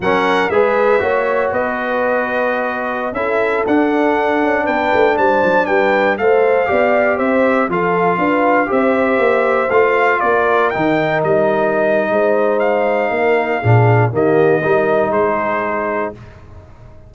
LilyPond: <<
  \new Staff \with { instrumentName = "trumpet" } { \time 4/4 \tempo 4 = 119 fis''4 e''2 dis''4~ | dis''2~ dis''16 e''4 fis''8.~ | fis''4~ fis''16 g''4 a''4 g''8.~ | g''16 f''2 e''4 f''8.~ |
f''4~ f''16 e''2 f''8.~ | f''16 d''4 g''4 dis''4.~ dis''16~ | dis''4 f''2. | dis''2 c''2 | }
  \new Staff \with { instrumentName = "horn" } { \time 4/4 ais'4 b'4 cis''4 b'4~ | b'2~ b'16 a'4.~ a'16~ | a'4~ a'16 b'4 c''4 b'8.~ | b'16 c''4 d''4 c''4 a'8.~ |
a'16 b'4 c''2~ c''8.~ | c''16 ais'2.~ ais'8. | c''2 ais'4 gis'4 | g'4 ais'4 gis'2 | }
  \new Staff \with { instrumentName = "trombone" } { \time 4/4 cis'4 gis'4 fis'2~ | fis'2~ fis'16 e'4 d'8.~ | d'1~ | d'16 a'4 g'2 f'8.~ |
f'4~ f'16 g'2 f'8.~ | f'4~ f'16 dis'2~ dis'8.~ | dis'2. d'4 | ais4 dis'2. | }
  \new Staff \with { instrumentName = "tuba" } { \time 4/4 fis4 gis4 ais4 b4~ | b2~ b16 cis'4 d'8.~ | d'8. cis'8 b8 a8 g8 fis8 g8.~ | g16 a4 b4 c'4 f8.~ |
f16 d'4 c'4 ais4 a8.~ | a16 ais4 dis4 g4.~ g16 | gis2 ais4 ais,4 | dis4 g4 gis2 | }
>>